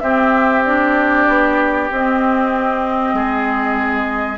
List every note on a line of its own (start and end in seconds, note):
0.00 1.27 C4
0.00 0.65 C4
0.00 3.15 G4
0.00 0.62 E5
0.65 1.90 D4
0.65 1.90 D5
1.27 1.90 B3
1.90 4.38 C4
1.90 3.14 C4
1.90 4.38 D#5
3.14 4.38 G#3
3.14 4.38 G#4